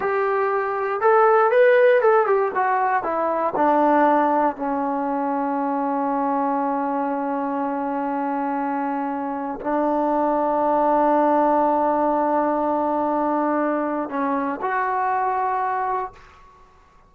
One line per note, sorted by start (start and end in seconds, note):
0.00 1.01 G4
1.01 1.51 A4
1.51 2.01 B4
2.01 2.26 A4
2.26 2.51 G4
2.55 3.03 F#4
3.03 3.53 E4
3.56 4.55 D4
4.55 9.60 C#4
9.60 14.09 D4
14.09 14.59 C#4
14.61 16.12 F#4